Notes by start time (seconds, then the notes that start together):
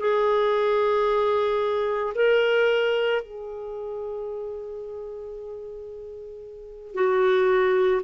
0.00 G#4
2.15 A#4
3.22 G#4
6.95 F#4